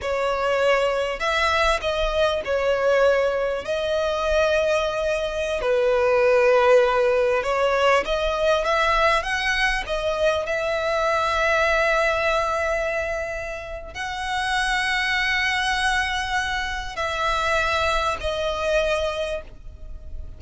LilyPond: \new Staff \with { instrumentName = "violin" } { \time 4/4 \tempo 4 = 99 cis''2 e''4 dis''4 | cis''2 dis''2~ | dis''4~ dis''16 b'2~ b'8.~ | b'16 cis''4 dis''4 e''4 fis''8.~ |
fis''16 dis''4 e''2~ e''8.~ | e''2. fis''4~ | fis''1 | e''2 dis''2 | }